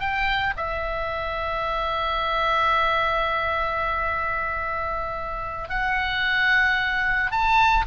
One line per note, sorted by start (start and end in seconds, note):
0.00 0.54 G5
0.57 5.69 E5
5.69 7.31 F#5
7.31 7.85 A5